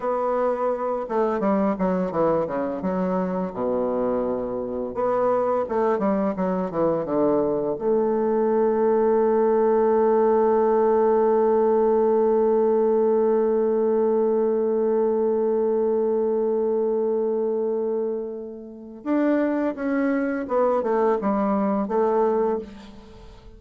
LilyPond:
\new Staff \with { instrumentName = "bassoon" } { \time 4/4 \tempo 4 = 85 b4. a8 g8 fis8 e8 cis8 | fis4 b,2 b4 | a8 g8 fis8 e8 d4 a4~ | a1~ |
a1~ | a1~ | a2. d'4 | cis'4 b8 a8 g4 a4 | }